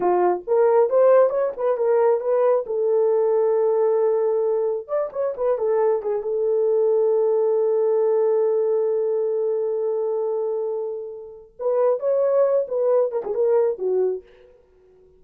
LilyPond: \new Staff \with { instrumentName = "horn" } { \time 4/4 \tempo 4 = 135 f'4 ais'4 c''4 cis''8 b'8 | ais'4 b'4 a'2~ | a'2. d''8 cis''8 | b'8 a'4 gis'8 a'2~ |
a'1~ | a'1~ | a'2 b'4 cis''4~ | cis''8 b'4 ais'16 gis'16 ais'4 fis'4 | }